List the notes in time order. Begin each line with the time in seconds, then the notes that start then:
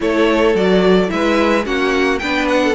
0.00 A3 E4 A4 C#5
0.54 F#3 F#4 D5
1.07 G#3 E4 B4 E5
1.63 A#3 C#4 F#4 F#5
2.19 B3 D4 B4 G5
2.48 F#5
2.63 A4